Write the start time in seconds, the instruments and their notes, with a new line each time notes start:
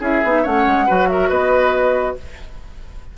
0.00 bassoon C#4, clarinet E4, oboe G#4, flute E5
0.24 bassoon B3, clarinet D#4
0.43 bassoon A3, clarinet C#4, oboe C#5, flute F#5
0.66 bassoon G#3
0.86 bassoon F#3, clarinet F#4, oboe B4
1.08 oboe A#4, flute E5
1.29 bassoon B3, oboe B4, flute D#5